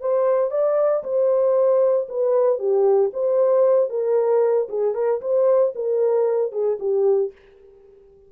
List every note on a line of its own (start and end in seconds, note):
0.00 0.51 C5
0.51 1.03 D5
1.03 2.08 C5
2.08 2.59 B4
2.59 3.11 G4
3.13 3.89 C5
3.89 4.68 A#4
4.69 4.94 G#4
4.94 5.20 A#4
5.21 5.73 C5
5.75 6.52 A#4
6.52 6.78 G#4
6.79 7.32 G4